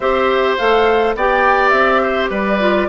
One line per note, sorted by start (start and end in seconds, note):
0.00 0.56 C4
0.00 0.58 G4
0.00 1.16 C5
0.00 0.56 E5
0.57 1.15 A3
0.57 1.16 A4
0.57 1.14 F5
1.15 1.72 B3
1.15 2.60 G4
1.15 2.02 D5
1.15 1.68 G5
1.68 2.29 C4
1.68 2.26 E5
2.02 2.30 C5
2.29 2.87 G3
2.29 2.87 B4
2.29 2.88 D5
2.60 2.88 F4